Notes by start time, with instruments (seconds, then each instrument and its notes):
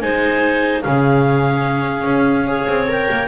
0.00 double bass G#3, viola D#4, clarinet C5 G#5
0.82 double bass C#3, viola C#4, clarinet G#4 F5
2.04 double bass C#4
2.47 viola G#4, clarinet C#5
2.67 double bass C4
2.88 viola A#4, clarinet G5
3.10 double bass A#3